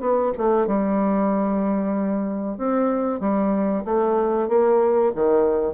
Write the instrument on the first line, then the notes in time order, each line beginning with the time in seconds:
bassoon
0.00 B3
0.37 A3
0.66 G3
2.57 C4
3.20 G3
3.84 A3
4.48 A#3
5.15 D#3